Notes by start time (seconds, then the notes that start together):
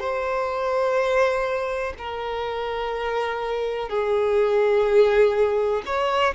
0.00 C5
1.98 A#4
3.89 G#4
5.86 C#5